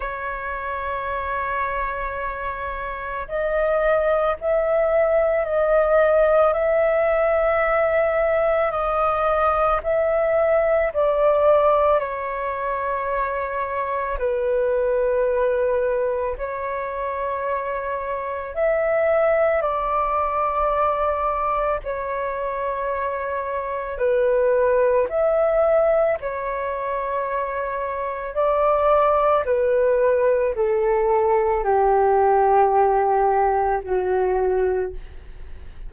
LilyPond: \new Staff \with { instrumentName = "flute" } { \time 4/4 \tempo 4 = 55 cis''2. dis''4 | e''4 dis''4 e''2 | dis''4 e''4 d''4 cis''4~ | cis''4 b'2 cis''4~ |
cis''4 e''4 d''2 | cis''2 b'4 e''4 | cis''2 d''4 b'4 | a'4 g'2 fis'4 | }